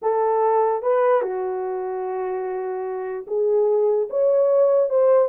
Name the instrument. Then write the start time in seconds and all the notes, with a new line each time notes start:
horn
0.02 A4
0.82 B4
1.22 F#4
3.27 G#4
4.09 C#5
4.89 C5